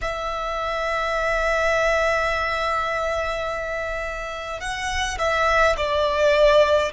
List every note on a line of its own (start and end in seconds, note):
0.01 4.60 E5
4.60 5.18 F#5
5.18 5.76 E5
5.76 6.92 D5